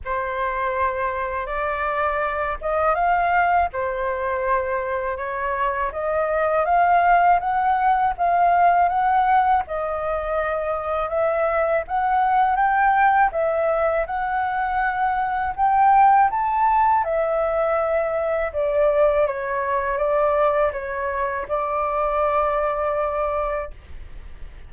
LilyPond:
\new Staff \with { instrumentName = "flute" } { \time 4/4 \tempo 4 = 81 c''2 d''4. dis''8 | f''4 c''2 cis''4 | dis''4 f''4 fis''4 f''4 | fis''4 dis''2 e''4 |
fis''4 g''4 e''4 fis''4~ | fis''4 g''4 a''4 e''4~ | e''4 d''4 cis''4 d''4 | cis''4 d''2. | }